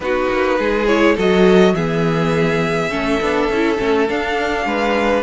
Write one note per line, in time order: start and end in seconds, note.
0.00 0.27 B3
0.00 0.87 D#4
0.00 0.58 F#4
0.00 0.86 B4
0.30 0.58 A#3
0.58 1.17 G#3
0.58 1.15 G#4
0.86 1.17 E4
0.86 1.15 C#5
1.15 1.73 F#3
1.15 1.75 F#4
1.15 1.73 A4
1.15 1.74 D#5
1.73 2.89 E3
1.73 2.90 B3
1.73 2.90 G#4
1.73 4.07 E5
2.90 3.20 A3
2.90 3.19 C#4
2.90 4.65 A4
3.20 3.49 B3
3.20 3.50 D4
3.49 3.78 C#4
3.49 3.77 E4
3.77 4.09 A3
3.77 4.06 C#4
4.08 5.22 D4
4.08 4.65 D4
4.08 5.22 F5
4.65 5.22 G#3
4.65 5.22 B4